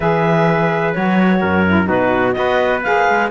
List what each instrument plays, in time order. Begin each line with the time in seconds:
0.00 cello E3, saxophone G#4, trumpet B4, clarinet E5
0.93 cello F#3, saxophone F#4, clarinet C#5
1.40 cello F#2, trumpet A#4
1.67 saxophone E4
1.84 cello B2, saxophone D#4, trumpet F#4, clarinet B4
2.32 cello B3, saxophone F#4, trumpet B4, clarinet D#5
2.83 cello A#3, saxophone G#4, clarinet F5
3.09 cello G#3